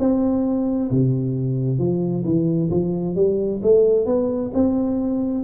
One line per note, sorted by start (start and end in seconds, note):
0.00 0.91 C4
0.91 1.79 C3
1.79 2.24 F3
2.25 2.70 E3
2.71 3.16 F3
3.16 3.61 G3
3.63 4.06 A3
4.06 4.52 B3
4.54 5.44 C4